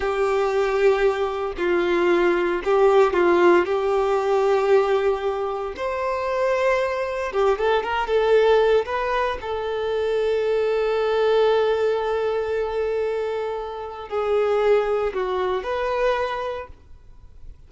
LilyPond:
\new Staff \with { instrumentName = "violin" } { \time 4/4 \tempo 4 = 115 g'2. f'4~ | f'4 g'4 f'4 g'4~ | g'2. c''4~ | c''2 g'8 a'8 ais'8 a'8~ |
a'4 b'4 a'2~ | a'1~ | a'2. gis'4~ | gis'4 fis'4 b'2 | }